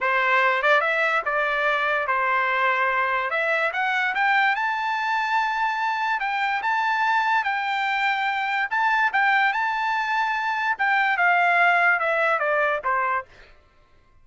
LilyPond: \new Staff \with { instrumentName = "trumpet" } { \time 4/4 \tempo 4 = 145 c''4. d''8 e''4 d''4~ | d''4 c''2. | e''4 fis''4 g''4 a''4~ | a''2. g''4 |
a''2 g''2~ | g''4 a''4 g''4 a''4~ | a''2 g''4 f''4~ | f''4 e''4 d''4 c''4 | }